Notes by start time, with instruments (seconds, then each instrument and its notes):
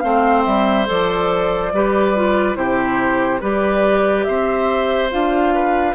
0.00 bassoon A3, clarinet C4, oboe C5, flute F5
0.45 bassoon G3, flute E5
0.86 bassoon F3, clarinet A4, flute D5
1.74 bassoon G3, clarinet G4, oboe B4
2.16 clarinet F4
2.55 bassoon C3, clarinet E4, oboe G4, flute C5
3.41 bassoon G3, clarinet G4, oboe B4, flute D5
4.25 bassoon C4, oboe C5, flute E5
5.11 bassoon D4, clarinet F4, flute F5
5.55 oboe B4